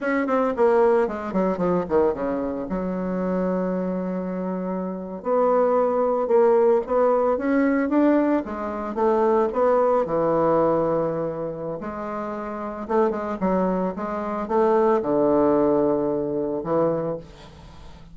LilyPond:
\new Staff \with { instrumentName = "bassoon" } { \time 4/4 \tempo 4 = 112 cis'8 c'8 ais4 gis8 fis8 f8 dis8 | cis4 fis2.~ | fis4.~ fis16 b2 ais16~ | ais8. b4 cis'4 d'4 gis16~ |
gis8. a4 b4 e4~ e16~ | e2 gis2 | a8 gis8 fis4 gis4 a4 | d2. e4 | }